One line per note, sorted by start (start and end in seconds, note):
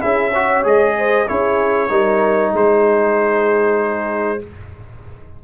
0.00 0.65 C#4
0.00 0.31 E4
0.00 0.31 G#4
0.00 0.64 E5
0.31 0.64 F#4
0.31 0.94 C#5
0.64 1.27 G#3
0.64 1.26 G#4
0.64 1.28 D#5
0.98 1.27 C5
1.27 1.90 C#4
1.27 1.89 E4
1.27 1.90 G#4
1.27 2.53 C#5
1.89 2.52 G3
1.89 4.39 D#4
1.89 2.52 A#4
2.54 4.41 G#3
2.54 4.44 G#4
2.54 4.44 C5